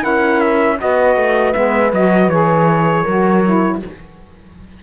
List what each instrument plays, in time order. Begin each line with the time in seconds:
0.00 cello C#4, saxophone E4, horn A#4, trumpet F#5
0.40 trumpet E5
0.78 cello B3, saxophone F#4, horn B4, trumpet D#5
1.16 cello A3
1.53 cello G#3, saxophone B3, trumpet E5
1.92 cello F#3, saxophone F#4, trumpet D#5
2.28 cello E3, saxophone G#4, trumpet C#5
3.03 cello F#3, saxophone F#4, horn A#4
3.45 saxophone E4